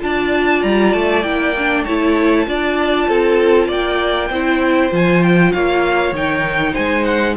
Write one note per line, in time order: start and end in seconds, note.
0.00 0.64 D4
0.00 1.22 F4
0.00 1.85 D5
0.00 0.63 A5
0.63 0.95 G3
0.63 0.93 A#5
0.93 1.25 A3
0.93 1.23 A5
1.23 1.86 A#3
1.23 1.55 E4
1.23 1.84 G5
1.59 1.88 D4
1.85 2.47 A3
1.85 2.46 E4
1.85 2.46 C#5
1.85 3.69 A5
2.46 3.08 D4
2.46 4.30 F4
2.46 3.09 D5
3.09 3.69 C4
3.09 3.68 A4
3.68 4.30 A#3
3.68 4.29 D5
3.68 4.94 G5
4.30 4.91 C4
4.30 4.91 E4
4.30 5.53 C5
4.91 5.53 F3
4.91 6.14 F4
4.91 5.23 G#5
5.23 5.53 G5
5.53 6.12 A#3
5.53 6.73 C#5
5.53 6.14 F5
6.12 6.74 D#3
6.12 7.37 D#4
6.12 6.75 G5
6.73 7.37 G#3
6.73 7.35 C5
6.73 7.05 G#5
7.05 7.35 F#5